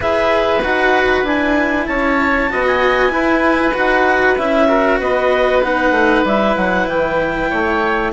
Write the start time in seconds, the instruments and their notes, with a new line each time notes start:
0.00 bassoon E4, cello G#4, oboe B4, clarinet E5
0.63 bassoon D#4, cello F#4, clarinet F#5
1.23 bassoon D4, cello E4, clarinet G#5
1.86 bassoon C#4, oboe C#5, clarinet A5
2.49 bassoon B3, cello F#4, oboe D#5
2.67 clarinet G#5
3.09 cello E4, bassoon E4, oboe B4
3.74 bassoon D#4, cello F#4, clarinet F#5
4.37 bassoon C#4, cello E4, clarinet E5
4.68 cello F#4, oboe A#4
4.99 bassoon B3, oboe B4, clarinet D#5
5.62 cello D#4, clarinet F#5
5.90 bassoon A3
6.24 bassoon G3, cello E4, clarinet E5
6.56 bassoon F#3, clarinet F#5
6.87 bassoon E3, clarinet G5
7.49 bassoon A3, oboe C#5